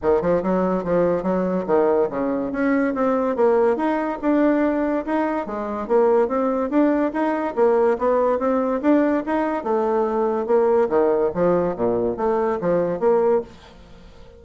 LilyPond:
\new Staff \with { instrumentName = "bassoon" } { \time 4/4 \tempo 4 = 143 dis8 f8 fis4 f4 fis4 | dis4 cis4 cis'4 c'4 | ais4 dis'4 d'2 | dis'4 gis4 ais4 c'4 |
d'4 dis'4 ais4 b4 | c'4 d'4 dis'4 a4~ | a4 ais4 dis4 f4 | ais,4 a4 f4 ais4 | }